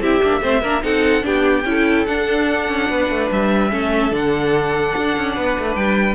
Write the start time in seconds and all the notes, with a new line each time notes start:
0.00 C4 E4 G4 E5
0.23 A#3 D4
0.41 A3 C4 C5
0.61 A#3 D4 A#4
0.82 C4 D#4 A4 F#5
1.21 B3 D4 G4 G5
1.64 C#4 E4 A4
2.06 D4 F#5
2.68 C#4
2.89 B3 B4
3.09 A3
3.31 G3 E5
3.70 A3 C#4 A4
4.10 D3 D4 F#5
4.96 D4
5.16 C#4
5.34 B3 B4
5.58 A3
5.75 G3 G5